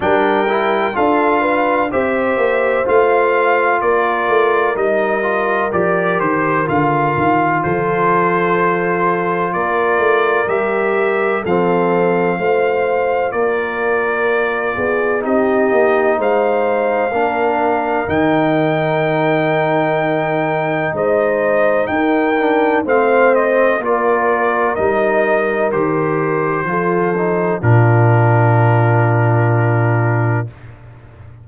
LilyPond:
<<
  \new Staff \with { instrumentName = "trumpet" } { \time 4/4 \tempo 4 = 63 g''4 f''4 e''4 f''4 | d''4 dis''4 d''8 c''8 f''4 | c''2 d''4 e''4 | f''2 d''2 |
dis''4 f''2 g''4~ | g''2 dis''4 g''4 | f''8 dis''8 d''4 dis''4 c''4~ | c''4 ais'2. | }
  \new Staff \with { instrumentName = "horn" } { \time 4/4 ais'4 a'8 b'8 c''2 | ais'1 | a'2 ais'2 | a'4 c''4 ais'4. gis'8 |
g'4 c''4 ais'2~ | ais'2 c''4 ais'4 | c''4 ais'2. | a'4 f'2. | }
  \new Staff \with { instrumentName = "trombone" } { \time 4/4 d'8 e'8 f'4 g'4 f'4~ | f'4 dis'8 f'8 g'4 f'4~ | f'2. g'4 | c'4 f'2. |
dis'2 d'4 dis'4~ | dis'2.~ dis'8 d'8 | c'4 f'4 dis'4 g'4 | f'8 dis'8 d'2. | }
  \new Staff \with { instrumentName = "tuba" } { \time 4/4 g4 d'4 c'8 ais8 a4 | ais8 a8 g4 f8 dis8 d8 dis8 | f2 ais8 a8 g4 | f4 a4 ais4. b8 |
c'8 ais8 gis4 ais4 dis4~ | dis2 gis4 dis'4 | a4 ais4 g4 dis4 | f4 ais,2. | }
>>